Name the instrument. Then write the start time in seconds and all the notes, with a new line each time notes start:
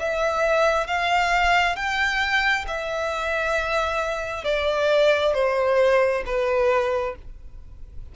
violin
0.00 E5
0.88 F5
1.76 G5
2.68 E5
4.45 D5
5.34 C5
6.26 B4